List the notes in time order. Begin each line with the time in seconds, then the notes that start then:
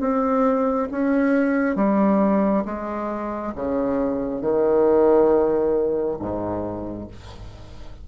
0.00 C4
0.91 C#4
1.76 G3
2.65 G#3
3.55 C#3
4.41 D#3
6.19 G#2